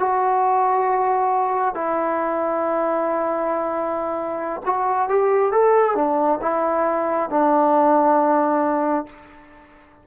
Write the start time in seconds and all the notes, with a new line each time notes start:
0.00 F#4
1.75 E4
4.66 F#4
5.09 G4
5.52 A4
5.96 D4
6.42 E4
7.30 D4